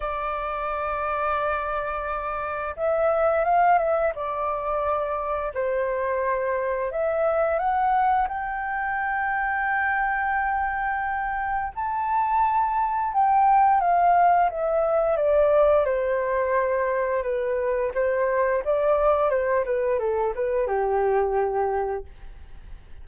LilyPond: \new Staff \with { instrumentName = "flute" } { \time 4/4 \tempo 4 = 87 d''1 | e''4 f''8 e''8 d''2 | c''2 e''4 fis''4 | g''1~ |
g''4 a''2 g''4 | f''4 e''4 d''4 c''4~ | c''4 b'4 c''4 d''4 | c''8 b'8 a'8 b'8 g'2 | }